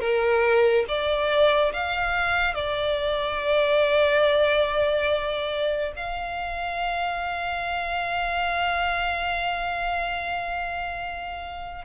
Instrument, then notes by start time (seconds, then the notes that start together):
violin
0.00 A#4
0.88 D5
1.73 F5
2.55 D5
5.96 F5